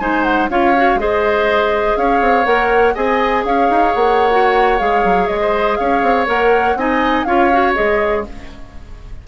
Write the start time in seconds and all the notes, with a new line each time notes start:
0.00 G#3 D#4 C5 G#5
0.24 F#5
0.50 C#4 F4 C#5 F5
0.77 F#4
0.95 G#3 G#4 C5 D#5
1.97 C#4 C#5 F5
2.21 C4
2.46 A#3 A#4 F#5
2.95 C4 G#4 D#5 G#5
3.45 C#4 C#5 F5
3.70 D#4
3.95 A#3 F#5
4.31 F#4
4.79 G#3 G#4 F5
5.05 F#3
5.28 G#3 D#5
5.41 C5
5.77 C#4 C#5 F5
6.03 C4
6.27 A#3 A#4 F#5
6.76 C4 D#4 D#5 G#5
7.25 C#4 F4 C#5 F5
7.53 F#4
7.75 G#3 G#4 D#5